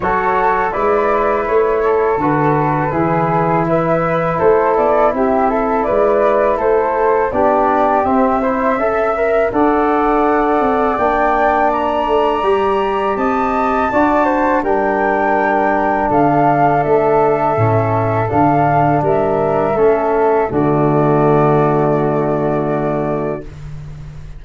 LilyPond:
<<
  \new Staff \with { instrumentName = "flute" } { \time 4/4 \tempo 4 = 82 cis''4 d''4 cis''4 b'4~ | b'4 e''4 c''8 d''8 e''4 | d''4 c''4 d''4 e''4~ | e''4 fis''2 g''4 |
ais''2 a''2 | g''2 f''4 e''4~ | e''4 f''4 e''2 | d''1 | }
  \new Staff \with { instrumentName = "flute" } { \time 4/4 a'4 b'4. a'4. | gis'4 b'4 a'4 g'8 a'8 | b'4 a'4 g'4. c''8 | e''4 d''2.~ |
d''2 dis''4 d''8 c''8 | ais'2 a'2~ | a'2 ais'4 a'4 | fis'1 | }
  \new Staff \with { instrumentName = "trombone" } { \time 4/4 fis'4 e'2 fis'4 | e'1~ | e'2 d'4 c'8 e'8 | a'8 ais'8 a'2 d'4~ |
d'4 g'2 fis'4 | d'1 | cis'4 d'2 cis'4 | a1 | }
  \new Staff \with { instrumentName = "tuba" } { \time 4/4 fis4 gis4 a4 d4 | e2 a8 b8 c'4 | gis4 a4 b4 c'4 | cis'4 d'4. c'8 ais4~ |
ais8 a8 g4 c'4 d'4 | g2 d4 a4 | a,4 d4 g4 a4 | d1 | }
>>